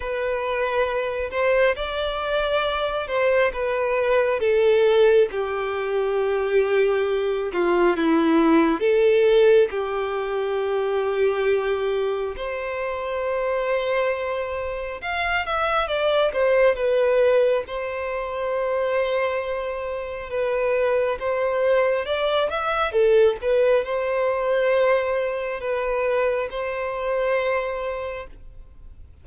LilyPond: \new Staff \with { instrumentName = "violin" } { \time 4/4 \tempo 4 = 68 b'4. c''8 d''4. c''8 | b'4 a'4 g'2~ | g'8 f'8 e'4 a'4 g'4~ | g'2 c''2~ |
c''4 f''8 e''8 d''8 c''8 b'4 | c''2. b'4 | c''4 d''8 e''8 a'8 b'8 c''4~ | c''4 b'4 c''2 | }